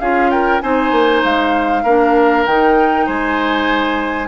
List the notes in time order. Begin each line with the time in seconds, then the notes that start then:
0.00 C#4 F4 G#4 F5
0.30 A#4 G5
0.61 C4 D#4 C5 G#5
0.91 A#3
1.24 G#3 F5
1.83 A#3 D4 A#4
2.46 D#3 D#4 G5
3.06 G#3 C5 G#5